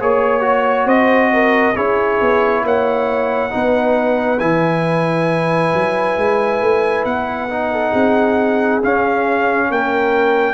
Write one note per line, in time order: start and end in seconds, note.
0.00 0.85 A#3
0.00 0.41 G#4
0.00 0.86 C#5
0.00 0.88 C#5
0.41 1.73 F#4
0.85 1.74 C4
0.85 1.30 C5
0.85 1.76 D#5
1.33 1.74 A#4
1.74 2.20 C#4
1.74 3.50 E4
1.74 2.62 G#4
1.74 2.64 C#5
2.21 2.63 B3
2.63 3.51 A#3
2.63 3.52 C#5
2.63 4.39 F#5
3.50 4.41 B3
3.50 4.38 D#4
3.50 7.71 B4
4.39 5.73 E3
4.39 7.49 E4
4.39 7.04 G#5
5.74 6.17 F#3
6.17 6.61 G#3
6.61 7.04 A3
7.04 7.93 B3
7.04 8.81 F#5
7.49 8.82 D#4
7.71 7.91 A4
7.91 8.82 C4
7.91 9.67 G#4
8.82 10.54 C#4
8.82 9.70 C#4
8.82 9.71 F5
9.70 10.54 A#3
9.70 10.54 A#4
9.70 10.54 G5